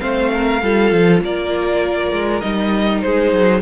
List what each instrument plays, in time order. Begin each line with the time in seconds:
0.00 cello A3, viola C4, violin C5 F5
0.34 violin A#4
0.63 cello G3, viola F4, violin A4
0.92 cello F3
1.22 cello A#3, violin A#4 D5
2.12 cello G#3
2.41 cello G3, viola D#4, violin D#5
3.02 cello G#3, violin G#4 C5
3.33 cello F#3